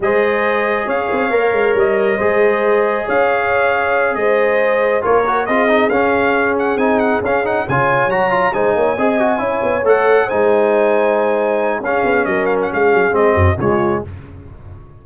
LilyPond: <<
  \new Staff \with { instrumentName = "trumpet" } { \time 4/4 \tempo 4 = 137 dis''2 f''2 | dis''2. f''4~ | f''4. dis''2 cis''8~ | cis''8 dis''4 f''4. fis''8 gis''8 |
fis''8 f''8 fis''8 gis''4 ais''4 gis''8~ | gis''2~ gis''8 fis''4 gis''8~ | gis''2. f''4 | dis''8 f''16 fis''16 f''4 dis''4 cis''4 | }
  \new Staff \with { instrumentName = "horn" } { \time 4/4 c''2 cis''2~ | cis''4 c''2 cis''4~ | cis''4. c''2 ais'8~ | ais'8 gis'2.~ gis'8~ |
gis'4. cis''2 c''8 | cis''8 dis''4 cis''2 c''8~ | c''2. gis'4 | ais'4 gis'4. fis'8 f'4 | }
  \new Staff \with { instrumentName = "trombone" } { \time 4/4 gis'2. ais'4~ | ais'4 gis'2.~ | gis'2.~ gis'8 f'8 | fis'8 f'8 dis'8 cis'2 dis'8~ |
dis'8 cis'8 dis'8 f'4 fis'8 f'8 dis'8~ | dis'8 gis'8 fis'8 e'4 a'4 dis'8~ | dis'2. cis'4~ | cis'2 c'4 gis4 | }
  \new Staff \with { instrumentName = "tuba" } { \time 4/4 gis2 cis'8 c'8 ais8 gis8 | g4 gis2 cis'4~ | cis'4. gis2 ais8~ | ais8 c'4 cis'2 c'8~ |
c'8 cis'4 cis4 fis4 gis8 | ais8 c'4 cis'8 b8 a4 gis8~ | gis2. cis'8 b8 | fis4 gis8 fis8 gis8 fis,8 cis4 | }
>>